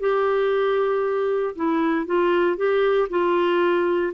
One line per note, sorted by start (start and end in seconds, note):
0.00 1.55 G4
1.55 2.06 E4
2.06 2.57 F4
2.57 3.08 G4
3.10 4.13 F4